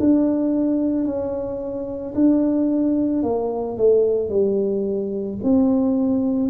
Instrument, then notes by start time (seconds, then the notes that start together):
tuba
0.00 D4
1.05 C#4
2.15 D4
3.23 A#3
3.78 A3
4.30 G3
5.43 C4